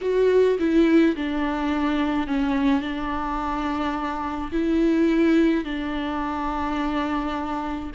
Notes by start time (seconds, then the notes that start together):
0.01 F#4
0.59 E4
1.16 D4
2.27 C#4
2.81 D4
4.52 E4
5.64 D4